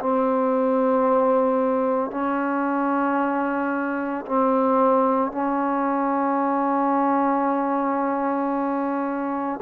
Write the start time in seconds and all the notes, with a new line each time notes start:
0.00 C4
2.11 C#4
4.26 C4
5.32 C#4